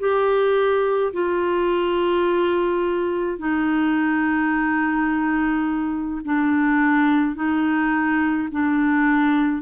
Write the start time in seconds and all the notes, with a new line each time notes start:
0.00 G4
1.13 F4
3.39 D#4
6.25 D4
7.36 D#4
8.52 D4